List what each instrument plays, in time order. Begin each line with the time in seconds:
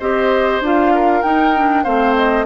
0.00 bassoon C4, clarinet G4, oboe C5, flute D#5
0.61 bassoon D4, clarinet F4, flute F5
0.95 oboe A#4
1.22 clarinet D#4, bassoon D#4, flute G5
1.56 clarinet D4
1.84 bassoon A3, clarinet C4, oboe C5, flute F5
2.16 flute D#5